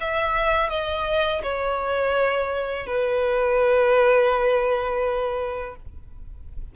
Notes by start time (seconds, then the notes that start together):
0.00 E5
0.69 D#5
1.42 C#5
2.86 B4